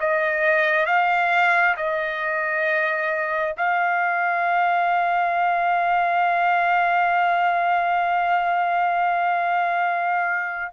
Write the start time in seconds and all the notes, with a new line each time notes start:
0.00 D#5
0.86 F5
1.77 D#5
3.57 F5